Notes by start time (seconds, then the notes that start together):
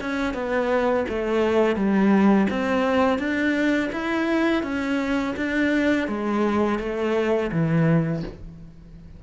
0.00 C#4
0.33 B3
1.08 A3
1.76 G3
2.50 C4
3.18 D4
3.92 E4
4.63 C#4
5.36 D4
6.07 G#3
6.79 A3
7.51 E3